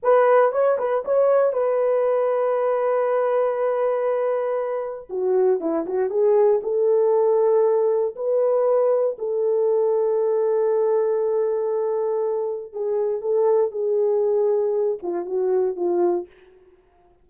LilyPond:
\new Staff \with { instrumentName = "horn" } { \time 4/4 \tempo 4 = 118 b'4 cis''8 b'8 cis''4 b'4~ | b'1~ | b'2 fis'4 e'8 fis'8 | gis'4 a'2. |
b'2 a'2~ | a'1~ | a'4 gis'4 a'4 gis'4~ | gis'4. f'8 fis'4 f'4 | }